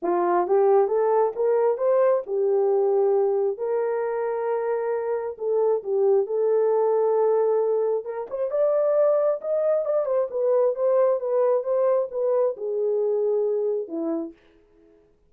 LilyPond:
\new Staff \with { instrumentName = "horn" } { \time 4/4 \tempo 4 = 134 f'4 g'4 a'4 ais'4 | c''4 g'2. | ais'1 | a'4 g'4 a'2~ |
a'2 ais'8 c''8 d''4~ | d''4 dis''4 d''8 c''8 b'4 | c''4 b'4 c''4 b'4 | gis'2. e'4 | }